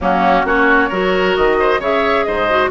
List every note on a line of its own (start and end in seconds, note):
0.01 0.44 F#3
0.01 0.45 A#3
0.01 0.46 C#4
0.01 0.46 F#4
0.44 0.89 A#3
0.44 0.90 C#4
0.44 0.89 F#4
0.44 1.35 C#5
0.89 1.36 F#3
0.89 1.80 F#4
0.89 1.56 A#4
1.35 1.79 D#3
1.35 1.81 D#5
1.59 1.80 C5
1.79 2.24 C#3
1.79 2.48 G#4
1.79 2.25 C#5
1.79 2.24 E5
2.24 2.70 G#2
2.24 2.70 C5
2.24 2.69 D#5
2.49 2.70 F#4